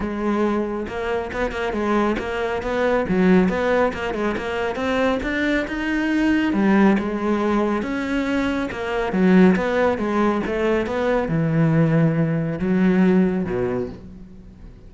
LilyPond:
\new Staff \with { instrumentName = "cello" } { \time 4/4 \tempo 4 = 138 gis2 ais4 b8 ais8 | gis4 ais4 b4 fis4 | b4 ais8 gis8 ais4 c'4 | d'4 dis'2 g4 |
gis2 cis'2 | ais4 fis4 b4 gis4 | a4 b4 e2~ | e4 fis2 b,4 | }